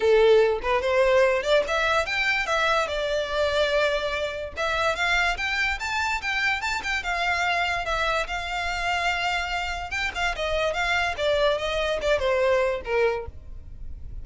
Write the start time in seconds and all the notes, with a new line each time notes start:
0.00 A4
0.62 B4
0.81 C5
1.43 D5
1.67 E5
2.06 G5
2.46 E5
2.87 D5
4.56 E5
4.95 F5
5.37 G5
5.79 A5
6.21 G5
6.61 A5
6.83 G5
7.03 F5
7.85 E5
8.27 F5
9.90 G5
10.14 F5
10.35 D#5
10.73 F5
11.17 D5
11.58 D#5
12.01 D5
12.19 C5
12.84 A#4